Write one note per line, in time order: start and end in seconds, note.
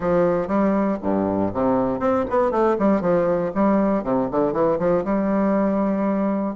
0.00 0.47 F3
0.47 0.97 G3
1.02 1.52 G2
1.53 1.99 C3
1.99 2.24 C4
2.29 2.51 B3
2.51 2.76 A3
2.79 3.01 G3
3.01 3.51 F3
3.54 4.03 G3
4.03 4.29 C3
4.31 4.52 D3
4.52 4.78 E3
4.79 5.04 F3
5.04 6.55 G3